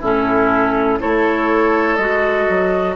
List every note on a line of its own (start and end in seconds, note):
0.00 1.00 A2
0.00 1.00 C#4
0.00 0.98 E4
0.00 1.01 A4
1.00 1.98 A3
1.00 1.98 E4
1.00 2.96 A4
1.00 1.96 C#5
1.96 2.47 G#3
1.96 2.96 F#4
1.96 2.94 D#5
2.49 2.96 F#3